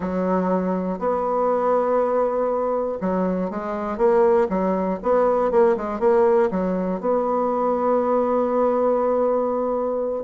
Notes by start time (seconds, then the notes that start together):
0.00 F#3
0.98 B3
3.00 F#3
3.50 G#3
3.97 A#3
4.49 F#3
5.02 B3
5.51 A#3
5.76 G#3
5.99 A#3
6.50 F#3
7.00 B3